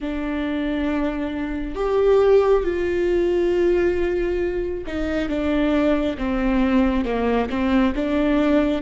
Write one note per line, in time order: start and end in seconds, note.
0.00 1.75 D4
1.75 2.63 G4
2.63 4.84 F4
4.86 5.28 D#4
5.28 6.16 D4
6.17 7.04 C4
7.04 7.48 A#3
7.49 7.93 C4
7.95 8.82 D4